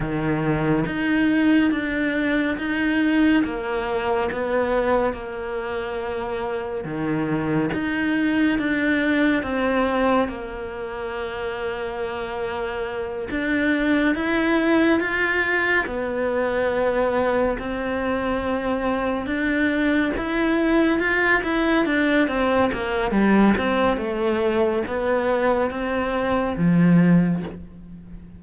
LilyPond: \new Staff \with { instrumentName = "cello" } { \time 4/4 \tempo 4 = 70 dis4 dis'4 d'4 dis'4 | ais4 b4 ais2 | dis4 dis'4 d'4 c'4 | ais2.~ ais8 d'8~ |
d'8 e'4 f'4 b4.~ | b8 c'2 d'4 e'8~ | e'8 f'8 e'8 d'8 c'8 ais8 g8 c'8 | a4 b4 c'4 f4 | }